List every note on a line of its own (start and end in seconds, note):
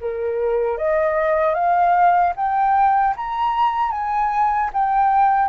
0.00 0.77 A#4
0.77 1.54 D#5
1.54 2.33 F5
2.35 3.14 G5
3.16 3.91 A#5
3.91 4.70 G#5
4.73 5.48 G5